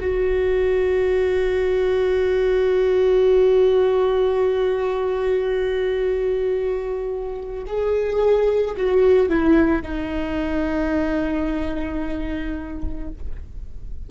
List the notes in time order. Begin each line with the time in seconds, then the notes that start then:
0.00 F#4
7.67 G#4
8.77 F#4
9.29 E4
9.82 D#4